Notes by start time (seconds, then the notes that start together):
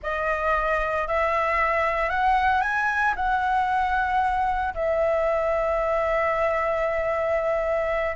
0.02 D#5
1.07 E5
2.09 F#5
2.61 G#5
3.16 F#5
4.74 E5